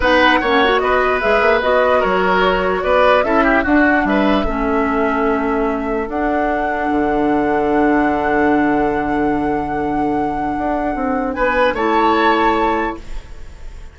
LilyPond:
<<
  \new Staff \with { instrumentName = "flute" } { \time 4/4 \tempo 4 = 148 fis''2 dis''4 e''4 | dis''4 cis''2 d''4 | e''4 fis''4 e''2~ | e''2. fis''4~ |
fis''1~ | fis''1~ | fis''1 | gis''4 a''2. | }
  \new Staff \with { instrumentName = "oboe" } { \time 4/4 b'4 cis''4 b'2~ | b'4 ais'2 b'4 | a'8 g'8 fis'4 b'4 a'4~ | a'1~ |
a'1~ | a'1~ | a'1 | b'4 cis''2. | }
  \new Staff \with { instrumentName = "clarinet" } { \time 4/4 dis'4 cis'8 fis'4. gis'4 | fis'1 | e'4 d'2 cis'4~ | cis'2. d'4~ |
d'1~ | d'1~ | d'1~ | d'4 e'2. | }
  \new Staff \with { instrumentName = "bassoon" } { \time 4/4 b4 ais4 b4 gis8 ais8 | b4 fis2 b4 | cis'4 d'4 g4 a4~ | a2. d'4~ |
d'4 d2.~ | d1~ | d2 d'4 c'4 | b4 a2. | }
>>